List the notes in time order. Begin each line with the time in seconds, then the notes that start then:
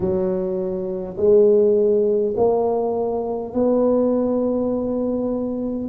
0.00 F#3
1.17 G#3
2.36 A#3
3.53 B3